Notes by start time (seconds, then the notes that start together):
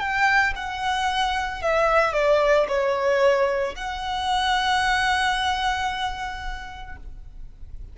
0.00 G5
0.56 F#5
1.63 E5
2.14 D5
2.69 C#5
3.75 F#5